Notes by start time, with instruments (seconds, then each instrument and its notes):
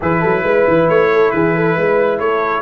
0.00 tuba E3, trombone E4, horn G#4, trumpet B4
0.20 tuba F#3, horn A4
0.43 tuba G#3, horn B4
0.67 tuba E3
0.88 tuba A3, trumpet C#5
1.12 horn A4
1.30 tuba E3, horn G#4, trumpet B4
1.55 horn A4
1.75 tuba G#3, horn B4
2.19 tuba A3, horn A4, trumpet C#5